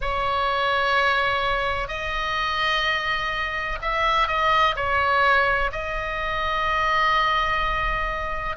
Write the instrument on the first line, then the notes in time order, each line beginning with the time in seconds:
oboe
0.01 C#5
1.88 D#5
3.81 E5
4.27 D#5
4.76 C#5
5.72 D#5